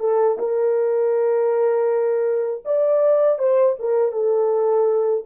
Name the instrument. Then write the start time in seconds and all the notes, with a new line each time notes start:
horn
0.00 A4
0.39 A#4
2.65 D5
3.39 C5
3.79 A#4
4.12 A4